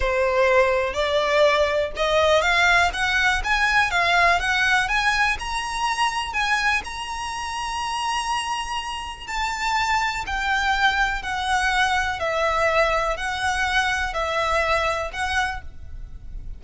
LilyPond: \new Staff \with { instrumentName = "violin" } { \time 4/4 \tempo 4 = 123 c''2 d''2 | dis''4 f''4 fis''4 gis''4 | f''4 fis''4 gis''4 ais''4~ | ais''4 gis''4 ais''2~ |
ais''2. a''4~ | a''4 g''2 fis''4~ | fis''4 e''2 fis''4~ | fis''4 e''2 fis''4 | }